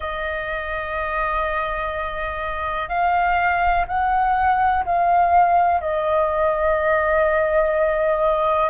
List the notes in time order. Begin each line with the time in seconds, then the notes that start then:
0.00 D#5
2.89 F5
3.87 F#5
4.85 F5
5.80 D#5